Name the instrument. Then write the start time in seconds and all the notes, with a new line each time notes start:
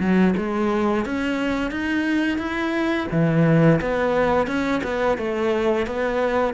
cello
0.00 F#3
0.37 G#3
1.06 C#4
1.71 D#4
2.38 E4
3.12 E3
3.81 B3
4.47 C#4
4.84 B3
5.18 A3
5.87 B3